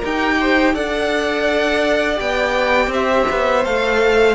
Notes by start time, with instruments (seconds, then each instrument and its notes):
0.00 cello D#4, viola G4, violin A#4 G5
0.40 violin C5
0.74 cello D4, viola A4, violin D5 F#5
2.16 cello B3, viola G4, violin G5
2.87 cello C4, violin C5
2.94 violin E5
3.31 cello B3
3.65 cello A3, viola A4, violin F5